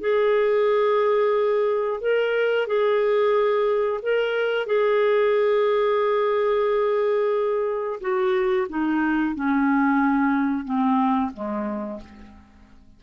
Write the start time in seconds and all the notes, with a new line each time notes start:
0.00 G#4
2.00 A#4
2.66 G#4
4.02 A#4
4.66 G#4
8.00 F#4
8.68 D#4
9.35 C#4
10.64 C4
11.33 G#3